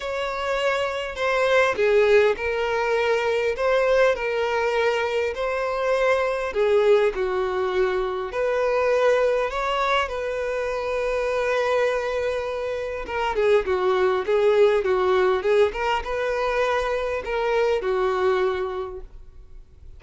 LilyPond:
\new Staff \with { instrumentName = "violin" } { \time 4/4 \tempo 4 = 101 cis''2 c''4 gis'4 | ais'2 c''4 ais'4~ | ais'4 c''2 gis'4 | fis'2 b'2 |
cis''4 b'2.~ | b'2 ais'8 gis'8 fis'4 | gis'4 fis'4 gis'8 ais'8 b'4~ | b'4 ais'4 fis'2 | }